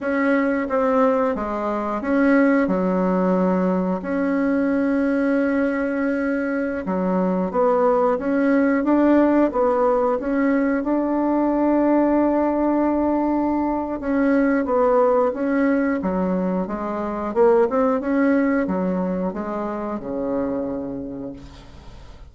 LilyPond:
\new Staff \with { instrumentName = "bassoon" } { \time 4/4 \tempo 4 = 90 cis'4 c'4 gis4 cis'4 | fis2 cis'2~ | cis'2~ cis'16 fis4 b8.~ | b16 cis'4 d'4 b4 cis'8.~ |
cis'16 d'2.~ d'8.~ | d'4 cis'4 b4 cis'4 | fis4 gis4 ais8 c'8 cis'4 | fis4 gis4 cis2 | }